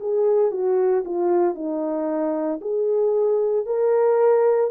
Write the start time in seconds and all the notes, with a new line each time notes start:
0.00 G#4
0.51 F#4
1.05 F4
1.55 D#4
2.61 G#4
3.66 A#4